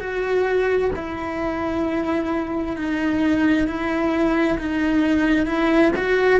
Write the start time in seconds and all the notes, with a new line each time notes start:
0.00 F#4
0.96 E4
2.76 D#4
3.67 E4
4.58 D#4
5.46 E4
5.96 F#4